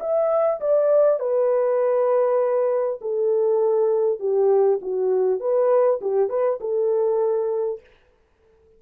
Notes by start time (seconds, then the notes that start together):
0.00 E5
0.60 D5
1.20 B4
3.01 A4
4.19 G4
4.81 F#4
5.40 B4
6.01 G4
6.29 B4
6.60 A4